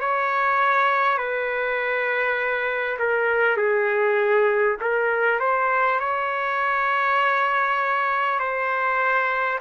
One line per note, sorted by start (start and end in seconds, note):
0.00 1.18 C#5
1.18 2.98 B4
2.99 3.57 A#4
3.57 4.77 G#4
4.81 5.39 A#4
5.39 5.99 C5
6.00 8.39 C#5
8.39 9.59 C5